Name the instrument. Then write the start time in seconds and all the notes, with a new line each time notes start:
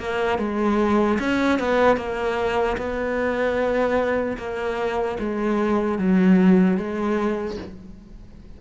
cello
0.00 A#3
0.39 G#3
1.20 C#4
1.60 B3
1.97 A#3
2.77 B3
4.38 A#3
5.20 G#3
5.99 F#3
6.78 G#3